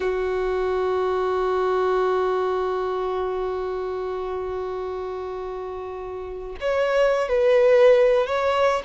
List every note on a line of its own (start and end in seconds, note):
0.00 6.56 F#4
6.60 7.28 C#5
7.28 8.26 B4
8.26 8.82 C#5